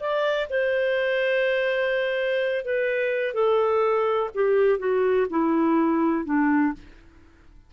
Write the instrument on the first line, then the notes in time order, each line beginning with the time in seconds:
clarinet
0.00 D5
0.49 C5
2.65 B4
3.34 A4
4.34 G4
4.79 F#4
5.30 E4
6.25 D4